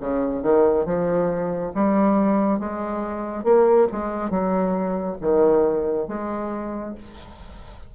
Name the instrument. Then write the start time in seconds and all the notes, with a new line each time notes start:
bassoon
0.00 C#3
0.42 D#3
0.85 F3
1.74 G3
2.59 G#3
3.43 A#3
3.92 G#3
4.30 F#3
5.21 D#3
6.08 G#3